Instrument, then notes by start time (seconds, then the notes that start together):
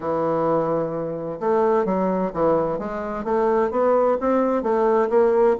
bassoon
0.00 E3
1.40 A3
1.85 F#3
2.33 E3
2.78 G#3
3.24 A3
3.71 B3
4.20 C4
4.62 A3
5.09 A#3